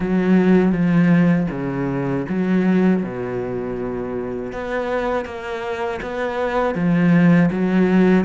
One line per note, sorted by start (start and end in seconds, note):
0.00 0.72 F#3
0.72 1.47 F3
1.50 2.25 C#3
2.28 3.03 F#3
3.03 4.52 B2
4.52 5.25 B3
5.25 6.00 A#3
6.02 6.74 B3
6.74 7.49 F3
7.51 8.24 F#3